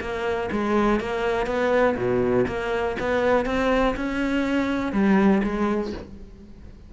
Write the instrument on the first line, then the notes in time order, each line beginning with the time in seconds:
cello
0.00 A#3
0.51 G#3
0.99 A#3
1.46 B3
1.96 B2
2.47 A#3
2.99 B3
3.45 C4
3.96 C#4
4.92 G3
5.43 G#3